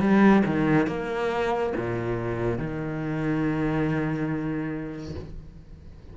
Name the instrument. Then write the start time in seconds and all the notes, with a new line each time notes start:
cello
0.00 G3
0.46 D#3
0.88 A#3
1.76 A#2
2.58 D#3